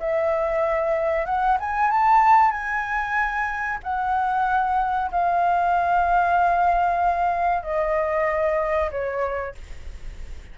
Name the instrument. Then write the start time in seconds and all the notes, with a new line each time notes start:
flute
0.00 E5
1.26 F#5
1.60 G#5
1.91 A5
2.52 G#5
3.84 F#5
5.12 F5
7.63 D#5
8.91 C#5